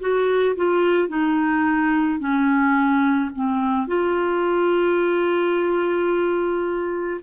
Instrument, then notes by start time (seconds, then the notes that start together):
clarinet
0.00 F#4
0.56 F4
1.09 D#4
2.19 C#4
3.35 C4
3.87 F4